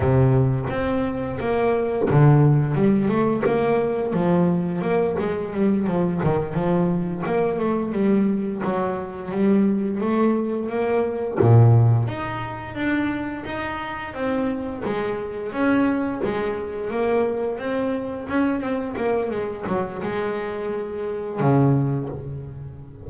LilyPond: \new Staff \with { instrumentName = "double bass" } { \time 4/4 \tempo 4 = 87 c4 c'4 ais4 d4 | g8 a8 ais4 f4 ais8 gis8 | g8 f8 dis8 f4 ais8 a8 g8~ | g8 fis4 g4 a4 ais8~ |
ais8 ais,4 dis'4 d'4 dis'8~ | dis'8 c'4 gis4 cis'4 gis8~ | gis8 ais4 c'4 cis'8 c'8 ais8 | gis8 fis8 gis2 cis4 | }